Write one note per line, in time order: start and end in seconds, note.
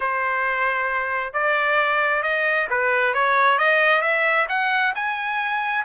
0.00 1.33 C5
1.33 2.22 D5
2.23 2.67 D#5
2.70 3.14 B4
3.14 3.58 C#5
3.58 4.01 D#5
4.01 4.46 E5
4.48 4.93 F#5
4.95 5.85 G#5